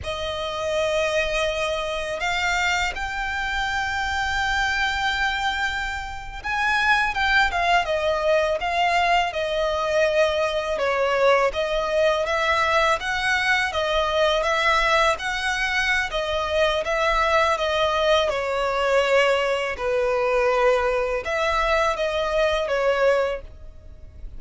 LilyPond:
\new Staff \with { instrumentName = "violin" } { \time 4/4 \tempo 4 = 82 dis''2. f''4 | g''1~ | g''8. gis''4 g''8 f''8 dis''4 f''16~ | f''8. dis''2 cis''4 dis''16~ |
dis''8. e''4 fis''4 dis''4 e''16~ | e''8. fis''4~ fis''16 dis''4 e''4 | dis''4 cis''2 b'4~ | b'4 e''4 dis''4 cis''4 | }